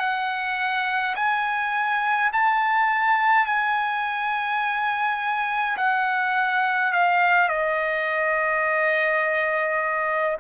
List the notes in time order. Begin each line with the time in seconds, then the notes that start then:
0.00 F#5
1.16 G#5
2.33 A5
3.46 G#5
5.77 F#5
6.93 F5
7.49 D#5